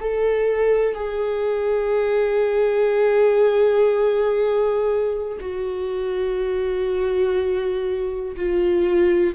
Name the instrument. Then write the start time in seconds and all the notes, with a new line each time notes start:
viola
0.00 A4
0.95 G#4
5.41 F#4
8.37 F4